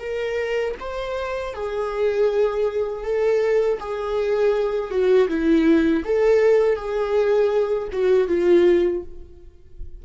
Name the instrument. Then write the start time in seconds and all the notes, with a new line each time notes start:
viola
0.00 A#4
0.80 C5
1.54 G#4
3.04 A4
3.80 G#4
4.91 F#4
5.29 E4
6.05 A4
6.77 G#4
7.93 F#4
8.28 F4